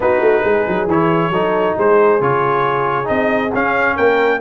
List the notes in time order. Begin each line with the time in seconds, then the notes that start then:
0.00 B3 D#4 F#4 B4
0.20 A3
0.43 G#3 G#4
0.67 F#3
0.87 E3 E4 C#5
1.29 F#3 D#4 A4
1.76 G#3 G#4 C5
2.20 C#3 F4 C#5
3.04 C4 D#4 D#5
3.54 C#4 F5
3.95 A#3 A#4 G5